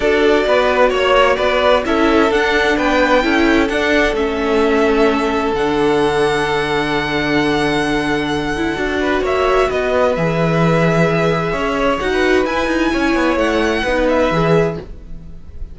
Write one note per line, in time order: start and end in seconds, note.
0.00 0.45 D4
0.00 1.85 F#4
0.00 0.45 A4
0.00 0.92 D5
0.46 0.91 B3
0.46 0.89 B4
0.89 1.37 A#3
0.89 1.35 C#5
0.89 1.36 C#5
1.36 1.85 B3
1.36 1.83 B4
1.36 1.82 D5
1.85 2.30 C#4
1.85 2.30 E4
1.85 2.77 A4
1.85 2.31 E5
2.30 3.22 D4
2.30 2.77 D4
2.30 2.78 F#5
2.77 3.24 B3
2.77 3.23 B4
2.77 3.68 G5
3.22 3.69 C#4
3.22 3.68 E4
3.22 9.00 A4
3.68 4.12 D4
3.68 4.15 D4
3.68 4.14 F#5
4.12 5.51 A3
4.12 5.55 C#4
4.12 5.54 E5
5.54 8.76 D3
5.54 8.56 D4
5.54 9.23 F#5
8.56 8.75 E4
8.75 9.21 D4
8.75 10.14 F#4
9.00 9.22 B4
9.21 9.67 A#3
9.21 9.69 C#5
9.21 9.70 E5
9.70 10.17 B3
9.70 11.51 B4
9.70 10.15 D#5
10.15 11.53 E3
10.15 12.00 G#4
10.15 11.98 E5
11.51 11.99 C#4
11.51 12.09 C#5
11.98 12.45 D#4
11.98 12.46 F#4
11.98 12.44 F#5
12.12 12.91 B4
12.45 12.66 E4
12.45 13.85 E4
12.45 13.38 G#5
12.66 12.90 D#4
12.91 13.14 C#4
12.91 13.82 C#5
13.14 13.36 B3
13.36 13.82 A3
13.36 14.07 F#5
13.82 14.30 B3
13.82 14.32 D#4
13.82 14.75 B4
14.09 14.78 E5
14.30 14.77 E3
14.30 14.79 G#4